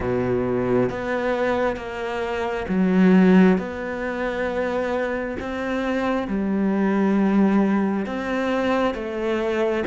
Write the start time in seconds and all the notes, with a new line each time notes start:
0.00 B2
0.90 B3
1.76 A#3
2.68 F#3
3.57 B3
5.39 C4
6.27 G3
8.06 C4
8.94 A3